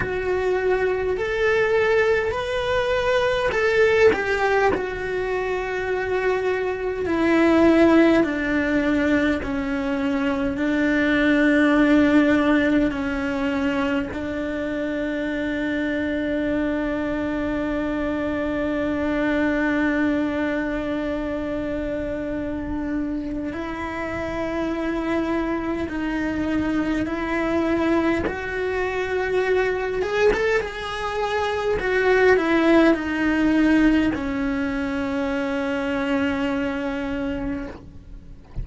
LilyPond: \new Staff \with { instrumentName = "cello" } { \time 4/4 \tempo 4 = 51 fis'4 a'4 b'4 a'8 g'8 | fis'2 e'4 d'4 | cis'4 d'2 cis'4 | d'1~ |
d'1 | e'2 dis'4 e'4 | fis'4. gis'16 a'16 gis'4 fis'8 e'8 | dis'4 cis'2. | }